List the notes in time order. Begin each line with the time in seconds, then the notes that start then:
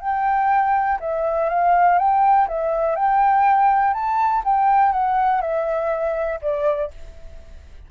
0.00 G5
1.00 E5
1.49 F5
1.98 G5
2.48 E5
2.95 G5
3.93 A5
4.44 G5
4.92 F#5
5.41 E5
6.41 D5